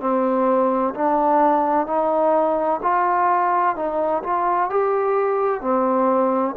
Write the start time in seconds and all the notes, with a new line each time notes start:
0.00 C4
0.94 D4
1.86 D#4
2.82 F4
3.75 D#4
4.23 F4
4.69 G4
5.61 C4